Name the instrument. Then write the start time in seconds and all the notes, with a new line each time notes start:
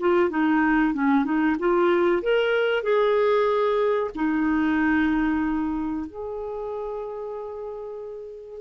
clarinet
0.00 F4
0.30 D#4
0.94 C#4
1.25 D#4
1.60 F4
2.23 A#4
2.83 G#4
4.15 D#4
6.07 G#4